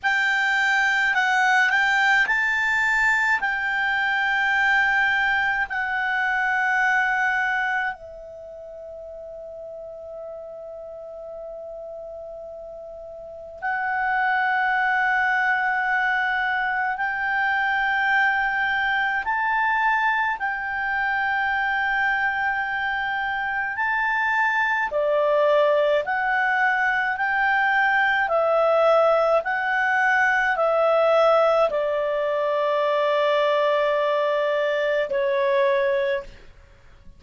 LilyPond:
\new Staff \with { instrumentName = "clarinet" } { \time 4/4 \tempo 4 = 53 g''4 fis''8 g''8 a''4 g''4~ | g''4 fis''2 e''4~ | e''1 | fis''2. g''4~ |
g''4 a''4 g''2~ | g''4 a''4 d''4 fis''4 | g''4 e''4 fis''4 e''4 | d''2. cis''4 | }